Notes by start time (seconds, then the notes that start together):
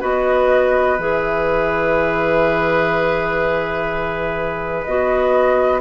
0.00 B3 F#4 B4 D#5
0.99 E3 G#4 E5
4.84 B3 F#4 D#5